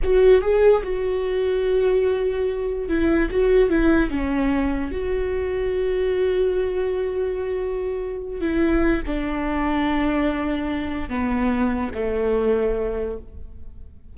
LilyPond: \new Staff \with { instrumentName = "viola" } { \time 4/4 \tempo 4 = 146 fis'4 gis'4 fis'2~ | fis'2. e'4 | fis'4 e'4 cis'2 | fis'1~ |
fis'1~ | fis'8 e'4. d'2~ | d'2. b4~ | b4 a2. | }